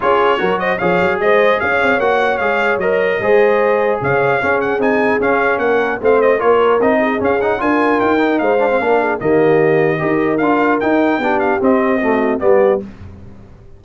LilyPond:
<<
  \new Staff \with { instrumentName = "trumpet" } { \time 4/4 \tempo 4 = 150 cis''4. dis''8 f''4 dis''4 | f''4 fis''4 f''4 dis''4~ | dis''2 f''4. fis''8 | gis''4 f''4 fis''4 f''8 dis''8 |
cis''4 dis''4 f''8 fis''8 gis''4 | g''4 f''2 dis''4~ | dis''2 f''4 g''4~ | g''8 f''8 dis''2 d''4 | }
  \new Staff \with { instrumentName = "horn" } { \time 4/4 gis'4 ais'8 c''8 cis''4 c''4 | cis''1 | c''2 cis''4 gis'4~ | gis'2 ais'4 c''4 |
ais'4. gis'4. ais'4~ | ais'4 c''4 ais'8 gis'8 g'4~ | g'4 ais'2. | g'2 fis'4 g'4 | }
  \new Staff \with { instrumentName = "trombone" } { \time 4/4 f'4 fis'4 gis'2~ | gis'4 fis'4 gis'4 ais'4 | gis'2. cis'4 | dis'4 cis'2 c'4 |
f'4 dis'4 cis'8 dis'8 f'4~ | f'8 dis'4 d'16 c'16 d'4 ais4~ | ais4 g'4 f'4 dis'4 | d'4 c'4 a4 b4 | }
  \new Staff \with { instrumentName = "tuba" } { \time 4/4 cis'4 fis4 f8 fis8 gis4 | cis'8 c'8 ais4 gis4 fis4 | gis2 cis4 cis'4 | c'4 cis'4 ais4 a4 |
ais4 c'4 cis'4 d'4 | dis'4 gis4 ais4 dis4~ | dis4 dis'4 d'4 dis'4 | b4 c'2 g4 | }
>>